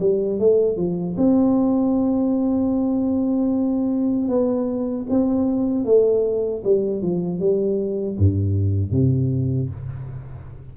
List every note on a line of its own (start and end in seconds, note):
0.00 0.39 G3
0.39 0.77 A3
0.77 1.16 F3
1.17 4.29 C4
4.29 5.06 B3
5.10 5.85 C4
5.85 6.63 A3
6.64 7.02 G3
7.02 7.40 F3
7.40 8.18 G3
8.18 8.92 G2
8.92 9.70 C3